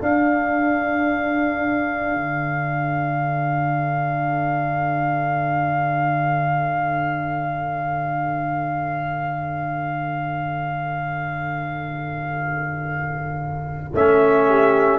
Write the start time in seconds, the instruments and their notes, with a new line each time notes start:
0.00 trombone D4, tuba D4, horn A4, trumpet F5
2.14 tuba D3
13.93 tuba A3, trombone C#4, trumpet E5
14.48 horn G4